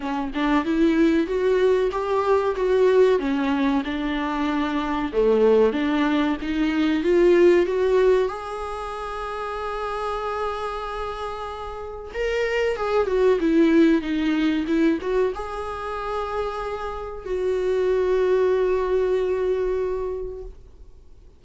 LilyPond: \new Staff \with { instrumentName = "viola" } { \time 4/4 \tempo 4 = 94 cis'8 d'8 e'4 fis'4 g'4 | fis'4 cis'4 d'2 | a4 d'4 dis'4 f'4 | fis'4 gis'2.~ |
gis'2. ais'4 | gis'8 fis'8 e'4 dis'4 e'8 fis'8 | gis'2. fis'4~ | fis'1 | }